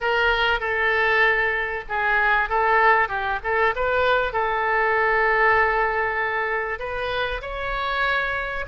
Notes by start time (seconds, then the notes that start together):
0.00 A#4
0.60 A4
1.88 G#4
2.49 A4
3.08 G4
3.43 A4
3.75 B4
4.32 A4
6.79 B4
7.41 C#5